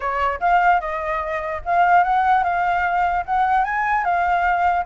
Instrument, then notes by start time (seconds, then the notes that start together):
flute
0.00 C#5
0.40 F5
0.80 D#5
1.65 F5
2.03 F#5
2.43 F5
3.25 F#5
3.64 G#5
4.04 F5